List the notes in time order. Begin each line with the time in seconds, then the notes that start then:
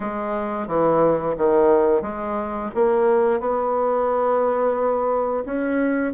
0.00 G#3
0.67 E3
1.37 D#3
2.02 G#3
2.74 A#3
3.40 B3
5.45 C#4